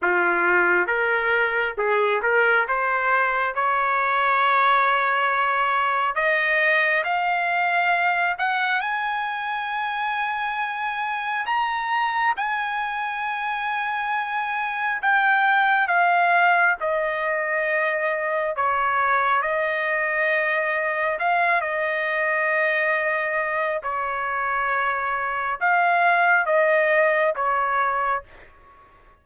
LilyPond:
\new Staff \with { instrumentName = "trumpet" } { \time 4/4 \tempo 4 = 68 f'4 ais'4 gis'8 ais'8 c''4 | cis''2. dis''4 | f''4. fis''8 gis''2~ | gis''4 ais''4 gis''2~ |
gis''4 g''4 f''4 dis''4~ | dis''4 cis''4 dis''2 | f''8 dis''2~ dis''8 cis''4~ | cis''4 f''4 dis''4 cis''4 | }